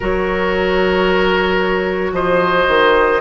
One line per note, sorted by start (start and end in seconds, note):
0.00 2.12 F#3
0.00 3.21 F#4
0.00 2.11 A#4
0.00 2.14 C#5
2.12 2.66 F3
2.12 3.21 C5
2.12 3.21 D#5
2.67 3.21 D#3